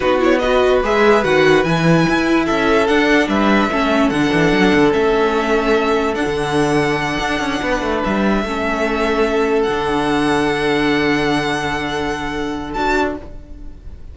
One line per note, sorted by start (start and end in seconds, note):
0.00 0.82 B3
0.00 0.19 D#4
0.00 0.40 F#4
0.00 0.20 B4
0.19 0.40 E4
0.19 0.39 C#5
0.39 0.83 F#4
0.39 2.45 B4
0.39 0.80 D#5
0.82 1.23 G#3
0.82 1.23 G#4
0.82 1.23 E5
1.23 1.65 D#3
1.23 1.63 F#4
1.23 1.63 F#5
1.63 2.06 E3
1.63 2.87 E4
1.63 2.45 G#5
2.08 2.49 E4
2.45 2.88 C#4
2.45 3.27 A4
2.45 2.87 E5
2.87 3.70 D4
2.87 3.27 D4
2.87 3.28 F#5
3.27 3.69 G3
3.27 3.70 B4
3.27 4.09 E5
3.71 4.10 A3
3.71 4.12 C#4
3.71 7.61 A4
4.09 4.31 D3
4.09 4.90 D4
4.09 4.91 F#5
4.32 4.52 E3
4.52 4.72 F#3
4.74 4.94 D3
4.90 6.15 A3
4.90 6.14 C#4
4.90 6.14 E5
6.14 6.25 D4
6.14 8.45 D4
6.14 7.99 F#5
6.26 7.18 D3
7.19 7.39 D4
7.39 7.60 C#4
7.61 7.81 B3
7.61 8.43 B4
7.81 8.02 A3
8.04 8.43 G3
8.04 9.62 E5
8.43 9.66 A3
8.43 9.68 C#4
8.43 13.16 A4
9.62 12.75 D3
9.62 12.70 F#5
9.68 12.75 D4
12.73 13.16 D4
12.73 13.16 F#4
12.73 13.14 A5